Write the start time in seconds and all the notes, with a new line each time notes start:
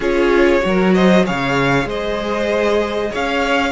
0.00 C#4 F4 G#4 C#5
0.61 F#3 F#4
0.67 A#4
0.93 C5 D#5
1.25 C#3 G#4 C#5 F5
1.85 G#3 C5 D#5
3.10 C#4 C#5 F5